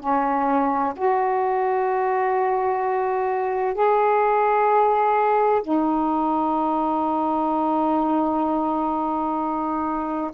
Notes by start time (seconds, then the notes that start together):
0.00 C#4
0.96 F#4
3.75 G#4
5.62 D#4